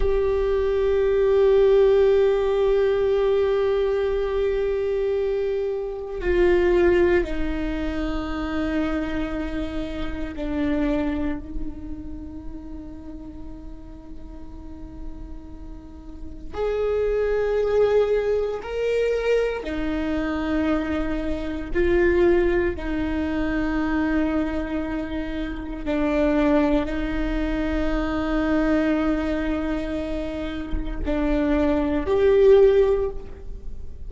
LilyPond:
\new Staff \with { instrumentName = "viola" } { \time 4/4 \tempo 4 = 58 g'1~ | g'2 f'4 dis'4~ | dis'2 d'4 dis'4~ | dis'1 |
gis'2 ais'4 dis'4~ | dis'4 f'4 dis'2~ | dis'4 d'4 dis'2~ | dis'2 d'4 g'4 | }